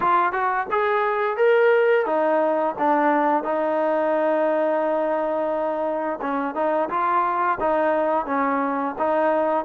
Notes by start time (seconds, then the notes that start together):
0.00 F4
0.32 F#4
0.71 G#4
1.36 A#4
2.06 D#4
2.78 D4
3.43 D#4
6.21 C#4
6.54 D#4
6.89 F4
7.60 D#4
8.26 C#4
8.98 D#4